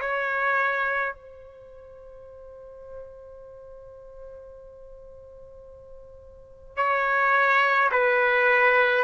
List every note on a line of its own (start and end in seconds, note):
0.00 1.13 C#5
1.13 6.77 C5
6.77 7.90 C#5
7.91 9.04 B4